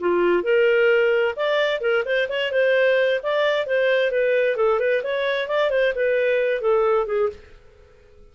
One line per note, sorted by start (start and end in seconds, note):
0.00 0.43 F4
0.43 1.35 A#4
1.36 1.80 D5
1.80 2.03 A#4
2.05 2.28 C5
2.29 2.51 C#5
2.51 3.20 C5
3.23 3.66 D5
3.66 4.11 C5
4.11 4.57 B4
4.57 4.79 A4
4.80 5.03 B4
5.03 5.48 C#5
5.48 5.70 D5
5.70 5.93 C5
5.95 6.61 B4
6.61 7.06 A4
7.06 7.29 G#4